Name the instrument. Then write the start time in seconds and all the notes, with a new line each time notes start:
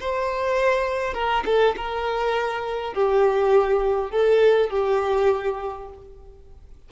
violin
0.00 C5
1.14 A#4
1.46 A4
1.77 A#4
2.94 G4
4.11 A4
4.70 G4